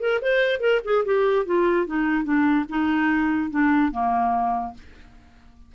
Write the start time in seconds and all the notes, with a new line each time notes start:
0.00 A#4
0.22 C5
0.61 A#4
0.85 G#4
1.06 G4
1.46 F4
1.87 D#4
2.25 D4
2.70 D#4
3.51 D4
3.92 A#3